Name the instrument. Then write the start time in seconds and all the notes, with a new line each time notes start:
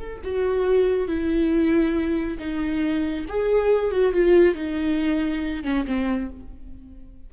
viola
0.00 A4
0.24 F#4
1.08 E4
2.39 D#4
3.29 G#4
3.92 F#4
4.13 F4
4.55 D#4
5.64 C#4
5.87 C4